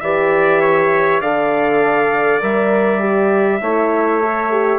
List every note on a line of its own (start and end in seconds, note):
0.00 1.21 E3
0.00 1.23 G4
0.00 0.61 D5
0.00 1.20 E5
0.61 1.20 C#5
1.20 2.41 D3
1.20 2.41 A4
1.20 3.60 D5
1.20 2.41 F5
2.41 3.61 G3
2.41 3.00 A#4
2.41 4.78 E5
3.00 3.60 G4
3.61 4.78 A3
3.61 4.22 E4
3.61 4.78 C#5
4.22 4.51 A4
4.51 4.78 G4